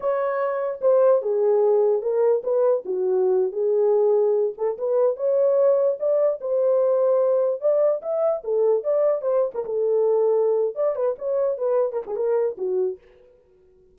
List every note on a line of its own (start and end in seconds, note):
0.00 0.80 C#5
0.81 1.22 C5
1.22 2.02 G#4
2.02 2.42 A#4
2.43 2.84 B4
2.85 3.52 F#4
3.52 4.53 G#4
4.57 4.77 A4
4.77 5.16 B4
5.16 5.97 C#5
5.99 6.40 D5
6.40 7.60 C5
7.60 8.01 D5
8.02 8.42 E5
8.43 8.83 A4
8.83 9.21 D5
9.21 9.51 C5
9.54 9.64 A#4
9.65 10.75 A4
10.75 10.95 D5
10.95 11.15 B4
11.18 11.57 C#5
11.57 11.92 B4
11.92 12.02 A#4
12.07 12.16 G#4
12.16 12.56 A#4
12.57 12.98 F#4